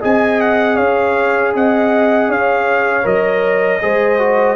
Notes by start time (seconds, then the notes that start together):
0.00 C4 G#4 D#5 G#5
0.41 F#5
0.76 C#4 C#5 F5
1.54 C4 D#5 F#5
2.28 C#4 C#5 F5
3.03 F#3 A#4 D#5
3.81 G#3 G#4 C5
4.19 F#4